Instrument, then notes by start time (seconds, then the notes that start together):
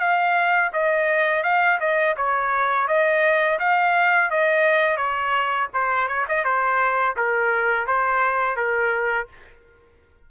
trumpet
0.00 F5
0.73 D#5
1.43 F5
1.80 D#5
2.17 C#5
2.87 D#5
3.59 F5
4.30 D#5
4.97 C#5
5.74 C5
6.08 C#5
6.29 D#5
6.44 C5
7.16 A#4
7.87 C5
8.56 A#4